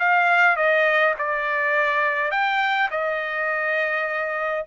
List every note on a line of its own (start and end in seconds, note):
0.00 0.57 F5
0.57 1.15 D#5
1.19 2.32 D5
2.32 2.90 G5
2.91 4.66 D#5